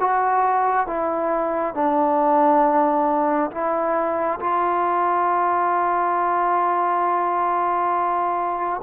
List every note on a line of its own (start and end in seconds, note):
0.00 0.87 F#4
0.87 1.74 E4
1.74 3.51 D4
3.51 4.39 E4
4.40 8.81 F4